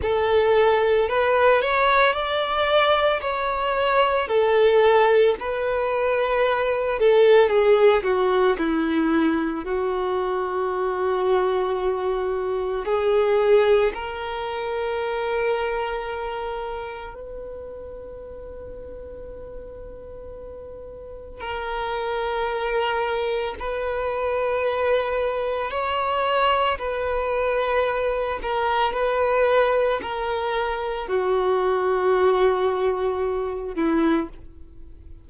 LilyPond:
\new Staff \with { instrumentName = "violin" } { \time 4/4 \tempo 4 = 56 a'4 b'8 cis''8 d''4 cis''4 | a'4 b'4. a'8 gis'8 fis'8 | e'4 fis'2. | gis'4 ais'2. |
b'1 | ais'2 b'2 | cis''4 b'4. ais'8 b'4 | ais'4 fis'2~ fis'8 e'8 | }